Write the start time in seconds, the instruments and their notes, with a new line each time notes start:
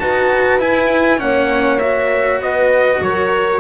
0.00 double bass D#4, cello F#4, horn B4, trumpet A5
0.60 cello E4, double bass E4, trumpet G#5
1.19 double bass A#3, cello C#4, horn C#5, trumpet F#5
1.80 cello F#4, trumpet E5
2.39 double bass B3, horn B4, trumpet D#5
3.02 double bass F#3, horn A#4, trumpet C#5